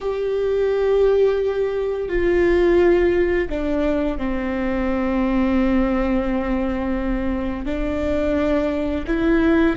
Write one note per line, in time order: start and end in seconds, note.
0.01 2.09 G4
2.09 3.48 F4
3.49 4.17 D4
4.17 7.65 C4
7.65 9.05 D4
9.06 9.76 E4